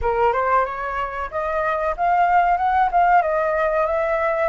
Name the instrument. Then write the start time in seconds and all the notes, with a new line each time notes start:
flute
0.01 A#4
0.33 C5
0.65 C#5
1.30 D#5
1.96 F5
2.57 F#5
2.91 F5
3.22 D#5
3.86 E5